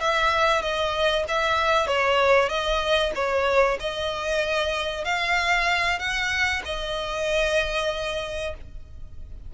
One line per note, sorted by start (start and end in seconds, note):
0.00 0.62 E5
0.62 1.25 D#5
1.28 1.87 E5
1.87 2.49 C#5
2.49 3.12 D#5
3.15 3.78 C#5
3.80 5.04 D#5
5.04 5.99 F5
5.99 6.62 F#5
6.65 8.54 D#5